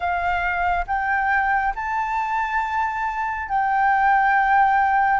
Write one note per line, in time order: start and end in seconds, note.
0.00 0.85 F5
0.87 1.74 G5
1.75 3.48 A5
3.48 5.20 G5